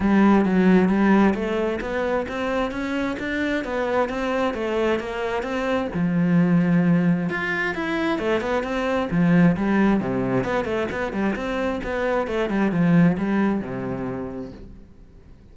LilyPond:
\new Staff \with { instrumentName = "cello" } { \time 4/4 \tempo 4 = 132 g4 fis4 g4 a4 | b4 c'4 cis'4 d'4 | b4 c'4 a4 ais4 | c'4 f2. |
f'4 e'4 a8 b8 c'4 | f4 g4 c4 b8 a8 | b8 g8 c'4 b4 a8 g8 | f4 g4 c2 | }